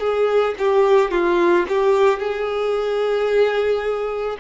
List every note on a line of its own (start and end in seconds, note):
0.00 0.55 G#4
0.59 1.11 G4
1.11 1.66 F4
1.69 2.19 G4
2.19 4.37 G#4